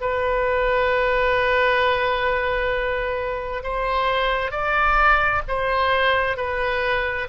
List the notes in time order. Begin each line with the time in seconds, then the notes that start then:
0.00 B4
3.63 C5
4.51 D5
5.48 C5
6.36 B4